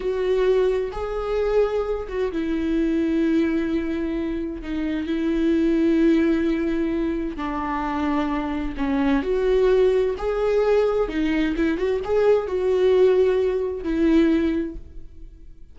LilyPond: \new Staff \with { instrumentName = "viola" } { \time 4/4 \tempo 4 = 130 fis'2 gis'2~ | gis'8 fis'8 e'2.~ | e'2 dis'4 e'4~ | e'1 |
d'2. cis'4 | fis'2 gis'2 | dis'4 e'8 fis'8 gis'4 fis'4~ | fis'2 e'2 | }